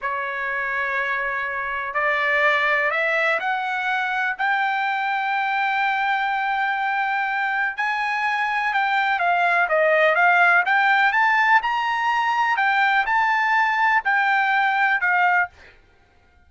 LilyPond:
\new Staff \with { instrumentName = "trumpet" } { \time 4/4 \tempo 4 = 124 cis''1 | d''2 e''4 fis''4~ | fis''4 g''2.~ | g''1 |
gis''2 g''4 f''4 | dis''4 f''4 g''4 a''4 | ais''2 g''4 a''4~ | a''4 g''2 f''4 | }